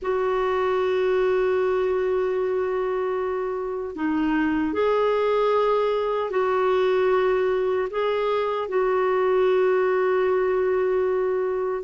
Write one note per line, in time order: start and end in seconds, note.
0.02 3.95 F#4
3.95 4.73 D#4
4.73 6.30 G#4
6.30 7.88 F#4
7.90 8.68 G#4
8.68 11.83 F#4